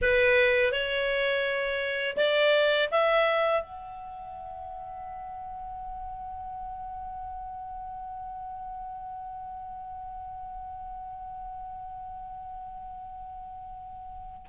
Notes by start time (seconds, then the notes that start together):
0.01 B4
0.72 C#5
2.17 D5
2.91 E5
3.62 F#5